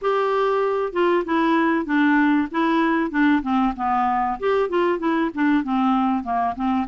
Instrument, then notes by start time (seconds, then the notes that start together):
clarinet
0.01 G4
0.92 F4
1.25 E4
1.85 D4
2.51 E4
3.11 D4
3.42 C4
3.76 B3
4.39 G4
4.69 F4
4.99 E4
5.34 D4
5.63 C4
6.23 A#3
6.55 C4